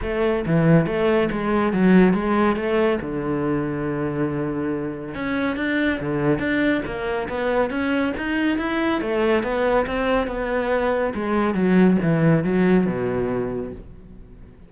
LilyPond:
\new Staff \with { instrumentName = "cello" } { \time 4/4 \tempo 4 = 140 a4 e4 a4 gis4 | fis4 gis4 a4 d4~ | d1 | cis'4 d'4 d4 d'4 |
ais4 b4 cis'4 dis'4 | e'4 a4 b4 c'4 | b2 gis4 fis4 | e4 fis4 b,2 | }